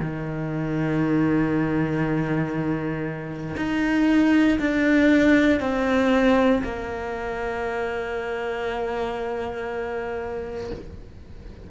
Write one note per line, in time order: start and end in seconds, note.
0.00 3.56 D#3
3.57 4.59 D#4
4.59 5.60 D4
5.60 6.62 C4
6.64 10.71 A#3